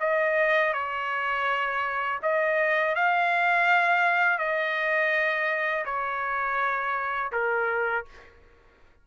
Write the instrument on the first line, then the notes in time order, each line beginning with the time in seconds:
trumpet
0.00 D#5
0.73 C#5
2.23 D#5
2.95 F5
4.38 D#5
5.85 C#5
7.32 A#4